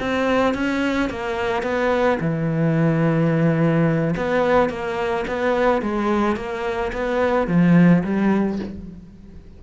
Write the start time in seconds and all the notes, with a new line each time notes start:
0.00 C4
0.54 C#4
1.10 A#3
1.63 B3
2.20 E3
4.17 B3
4.69 A#3
5.28 B3
5.82 G#3
6.37 A#3
6.93 B3
7.47 F3
8.04 G3